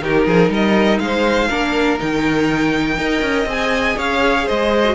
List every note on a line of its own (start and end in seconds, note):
0.00 0.26 D#3
0.00 1.49 D#4
0.00 0.27 G4
0.00 0.52 A#4
0.27 0.49 F3
0.27 0.50 G#4
0.49 0.99 G3
0.49 1.00 A#4
0.49 0.99 D#5
0.99 1.49 G#3
0.99 1.48 C5
0.99 1.98 F5
1.48 2.00 A#3
1.48 1.99 D4
1.48 2.97 A#4
1.99 2.97 D#3
1.99 2.98 D#4
1.99 3.49 G5
2.97 3.21 D#4
2.97 3.47 A#4
2.97 3.97 D#5
3.21 3.45 C#4
3.45 3.95 C4
3.45 4.84 G#4
3.45 3.98 G#5
3.97 4.47 C#4
3.97 4.46 C#5
3.97 4.48 F5
4.46 4.95 G#3
4.46 4.95 C5
4.46 4.95 D#5
4.85 4.95 F#4